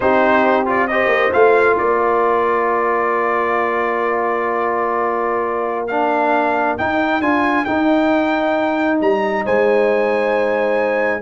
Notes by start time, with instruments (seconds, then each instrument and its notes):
0.00 tuba C4, trombone D#4, horn G4, trumpet C5
0.65 trombone F4, trumpet D5
0.87 trombone G4, horn C5, trumpet D#5
1.06 tuba A#3
1.32 tuba A3, trombone F4, trumpet F5
1.77 tuba A#3, horn A#4, trumpet D5
5.87 trombone D4, trumpet F5
6.77 trombone D#4, tuba D#4, trumpet G5
7.20 tuba D4, trombone F4, trumpet G#5
7.64 trombone D#4, tuba D#4, trumpet G5
9.00 tuba G3, trumpet A#5
9.45 tuba G#3, horn C5, trumpet G#5